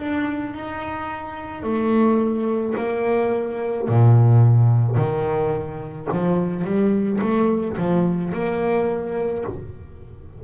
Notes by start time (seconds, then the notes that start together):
0.00 D4
0.55 D#4
1.64 A3
2.77 A#3
3.89 A#2
4.97 D#3
6.12 F3
6.65 G3
7.21 A3
7.78 F3
8.34 A#3